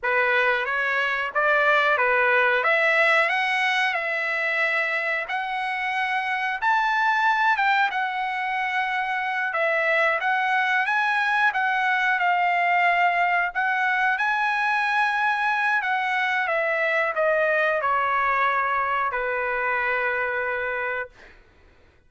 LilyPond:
\new Staff \with { instrumentName = "trumpet" } { \time 4/4 \tempo 4 = 91 b'4 cis''4 d''4 b'4 | e''4 fis''4 e''2 | fis''2 a''4. g''8 | fis''2~ fis''8 e''4 fis''8~ |
fis''8 gis''4 fis''4 f''4.~ | f''8 fis''4 gis''2~ gis''8 | fis''4 e''4 dis''4 cis''4~ | cis''4 b'2. | }